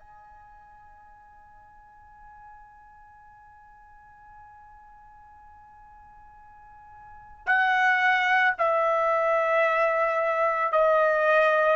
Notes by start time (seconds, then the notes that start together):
0.00 G#5
7.47 F#5
8.59 E5
10.73 D#5